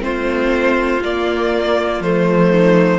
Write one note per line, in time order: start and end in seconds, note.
0.00 1.00 A3
0.00 1.00 C4
0.00 2.50 F4
0.00 1.03 C5
1.02 2.00 A#3
1.02 2.04 A#3
1.02 2.02 D5
2.00 2.99 F3
2.00 2.99 A3
2.00 2.99 C5
2.50 2.99 D#4